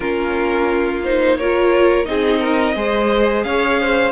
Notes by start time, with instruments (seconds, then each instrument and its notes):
0.00 cello A#3, viola C#4, violin F4 A#4
1.03 viola D#4, violin C5
1.37 viola F4, violin A#4 C#5
2.04 cello C4, viola D#4, violin G#4 D#5
2.40 violin A#4
2.75 cello G#3, viola G#4, violin C5
3.43 cello C#4, violin C#5 F5
3.80 violin C5